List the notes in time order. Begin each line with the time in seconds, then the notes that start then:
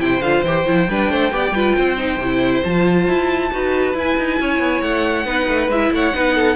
0.00 C3 E4 C5 G5
0.21 D3 F4 F5
0.43 E3 G4 G5
0.67 F3 E4
0.88 G3 D4 B4
1.10 A3 C5
1.32 B3 G4 D5
1.51 G3 F4 B4
1.76 C4 C5
1.97 D#4
2.17 C3
2.24 E4
2.64 F3 F4 A5
3.08 E4
3.52 D#4 F#4 B4
3.94 E4 G#5
4.17 D#4
4.40 C#4 C#5
4.60 B3
4.82 A3 F#5
5.25 B3 D#4 B4
5.48 A3
5.69 G#3 E4 E5
5.92 A3 C#5 F#5
6.14 B3 D#4 B4
6.35 A4